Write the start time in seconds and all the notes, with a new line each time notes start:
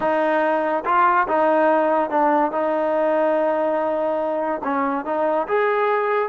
0.00 D#4
0.85 F4
1.28 D#4
2.10 D4
2.51 D#4
4.63 C#4
5.05 D#4
5.47 G#4